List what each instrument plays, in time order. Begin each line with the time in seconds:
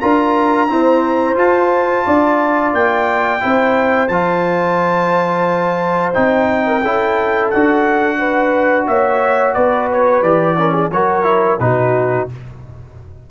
0.00 tuba D4, trombone F4, horn A#4, trumpet A#5
0.68 trombone C4, tuba E4, horn C5
1.34 trombone F4, tuba F4, trumpet A5
2.05 tuba D4, horn D5
2.73 tuba A#3, trumpet G5
3.40 tuba C4, trombone E4, horn C5
4.08 tuba F3, trombone F4, trumpet A5
6.13 tuba C4, trombone D#4, trumpet G5
6.66 horn A#4
6.81 tuba C#4, trombone E4, horn A4
7.49 tuba D4, trombone F#4, trumpet F#5
8.18 horn B4
8.87 tuba A#3, horn C#5, trumpet E5
9.54 tuba B3, horn B4, trumpet D5
9.91 trumpet C#5
10.21 tuba E3, trombone G4, trumpet D5
10.57 trombone C#4, horn A#4
10.72 horn G#4
10.90 tuba F#3, trombone F#4, horn A#4, trumpet C#5
11.23 trombone E4
11.59 tuba B2, trombone D#4, horn F#4, trumpet B4